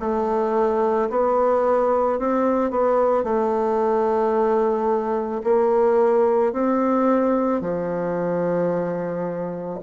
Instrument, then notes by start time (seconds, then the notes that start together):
bassoon
0.00 A3
1.10 B3
2.19 C4
2.71 B3
3.24 A3
5.44 A#3
6.53 C4
7.61 F3